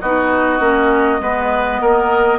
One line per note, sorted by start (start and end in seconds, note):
0.00 0.59 B3
0.00 0.58 D#4
0.00 1.21 F#4
0.00 2.39 D#5
0.58 1.19 A#3
0.58 1.19 C#4
1.19 1.80 G#3
1.19 2.39 B3
1.19 1.81 B4
1.80 2.39 A#3
1.80 2.39 A#4